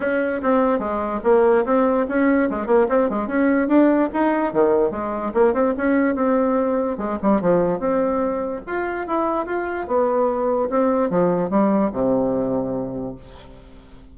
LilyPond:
\new Staff \with { instrumentName = "bassoon" } { \time 4/4 \tempo 4 = 146 cis'4 c'4 gis4 ais4 | c'4 cis'4 gis8 ais8 c'8 gis8 | cis'4 d'4 dis'4 dis4 | gis4 ais8 c'8 cis'4 c'4~ |
c'4 gis8 g8 f4 c'4~ | c'4 f'4 e'4 f'4 | b2 c'4 f4 | g4 c2. | }